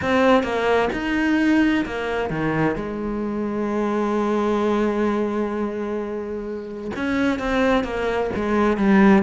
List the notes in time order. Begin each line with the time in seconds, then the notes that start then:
0.01 C4
0.43 A#3
0.93 D#4
1.85 A#3
2.30 D#3
2.75 G#3
6.95 C#4
7.39 C4
7.84 A#3
8.35 G#3
8.77 G3